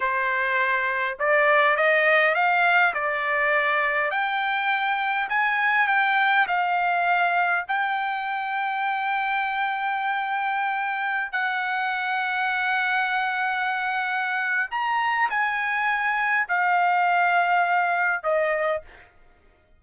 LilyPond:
\new Staff \with { instrumentName = "trumpet" } { \time 4/4 \tempo 4 = 102 c''2 d''4 dis''4 | f''4 d''2 g''4~ | g''4 gis''4 g''4 f''4~ | f''4 g''2.~ |
g''2.~ g''16 fis''8.~ | fis''1~ | fis''4 ais''4 gis''2 | f''2. dis''4 | }